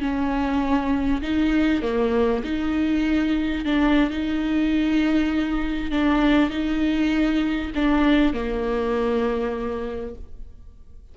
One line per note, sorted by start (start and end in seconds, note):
0.00 1.21 C#4
1.22 1.82 D#4
1.82 2.43 A#3
2.44 3.65 D#4
3.65 4.10 D4
4.10 5.91 D#4
5.91 6.50 D4
6.50 7.71 D#4
7.75 8.33 D4
8.33 10.15 A#3